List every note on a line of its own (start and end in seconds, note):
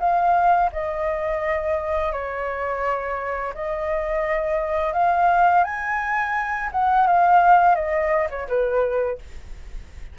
0.00 0.71 F5
0.73 2.13 D#5
2.13 3.54 C#5
3.55 4.94 D#5
4.94 5.64 F5
5.65 6.71 G#5
6.73 7.07 F#5
7.07 7.76 F5
7.76 8.28 D#5
8.30 8.48 C#5
8.48 9.19 B4